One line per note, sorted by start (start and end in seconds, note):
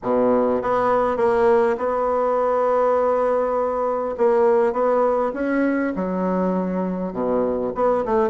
0.03 0.62 B2
0.62 1.16 B3
1.16 1.76 A#3
1.77 4.15 B3
4.17 4.72 A#3
4.72 5.32 B3
5.33 5.93 C#4
5.95 7.13 F#3
7.13 7.72 B2
7.74 8.04 B3
8.05 8.29 A3